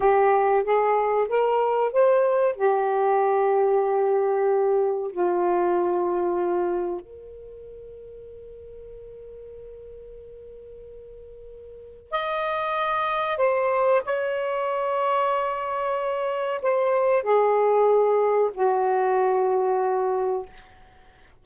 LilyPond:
\new Staff \with { instrumentName = "saxophone" } { \time 4/4 \tempo 4 = 94 g'4 gis'4 ais'4 c''4 | g'1 | f'2. ais'4~ | ais'1~ |
ais'2. dis''4~ | dis''4 c''4 cis''2~ | cis''2 c''4 gis'4~ | gis'4 fis'2. | }